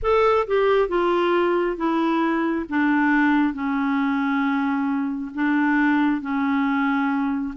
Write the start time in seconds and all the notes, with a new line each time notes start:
0.02 A4
0.47 G4
0.88 F4
1.76 E4
2.69 D4
3.53 C#4
5.34 D4
6.21 C#4